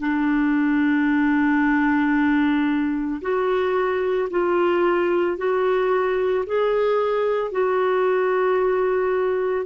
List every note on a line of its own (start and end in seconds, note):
0.00 3.21 D4
3.22 4.29 F#4
4.31 5.38 F4
5.38 6.45 F#4
6.47 7.52 G#4
7.52 9.66 F#4